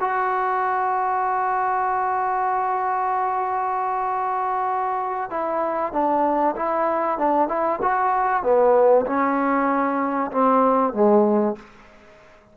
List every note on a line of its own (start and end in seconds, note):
0.00 5.30 F#4
5.30 5.92 E4
5.92 6.55 D4
6.56 7.18 E4
7.18 7.48 D4
7.48 7.79 E4
7.82 8.43 F#4
8.43 9.05 B3
9.06 10.31 C#4
10.31 10.93 C4
10.93 11.55 G#3